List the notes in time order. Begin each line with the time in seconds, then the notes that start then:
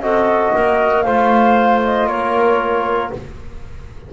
0.00 C4 F#4 A4 D#5
0.53 A#3 A#4
1.02 A3 F4 C5 F5
1.84 D#5
2.07 A#3 A#4 C#5